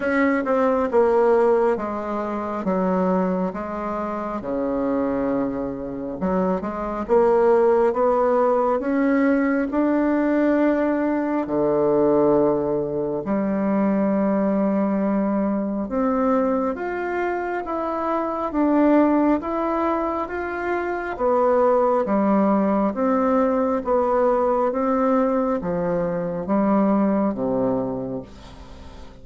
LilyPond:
\new Staff \with { instrumentName = "bassoon" } { \time 4/4 \tempo 4 = 68 cis'8 c'8 ais4 gis4 fis4 | gis4 cis2 fis8 gis8 | ais4 b4 cis'4 d'4~ | d'4 d2 g4~ |
g2 c'4 f'4 | e'4 d'4 e'4 f'4 | b4 g4 c'4 b4 | c'4 f4 g4 c4 | }